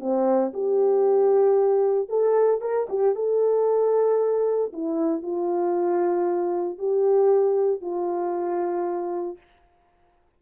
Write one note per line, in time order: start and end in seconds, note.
0.00 0.52 C4
0.53 2.09 G4
2.09 2.61 A4
2.61 2.87 A#4
2.89 3.15 G4
3.15 4.72 A4
4.73 5.22 E4
5.22 6.78 F4
6.78 7.81 G4
7.81 9.37 F4